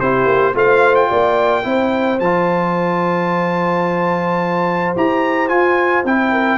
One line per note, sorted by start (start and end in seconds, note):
0.00 0.26 C4
0.00 0.55 E4
0.00 0.55 G4
0.00 0.55 C5
0.26 0.53 A#3
0.54 1.10 A3
0.54 1.63 F4
0.54 1.09 C5
0.54 0.96 F5
0.96 2.19 G5
1.09 1.65 A#3
1.09 1.64 D5
1.63 2.20 C4
1.63 2.18 E4
1.63 6.32 C5
2.20 4.96 F3
2.20 4.96 F4
2.20 4.95 A5
4.96 5.51 E4
4.96 5.49 G4
4.96 5.49 A#5
5.49 6.04 F4
5.49 6.05 F4
5.49 6.04 G#5
6.05 6.58 C4
6.05 6.58 E4
6.05 6.58 G5
6.32 6.58 A#4